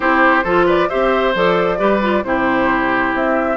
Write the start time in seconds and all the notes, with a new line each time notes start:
0.00 C4 E4 G4 C5
0.44 F3 F4 A4
0.66 B4 D5
0.89 C4 G4 C5 E5
1.34 F3 A4 D5
1.78 G3 G4 B4
2.01 F4
2.24 C3 E4 G4 C5
3.13 C4 E5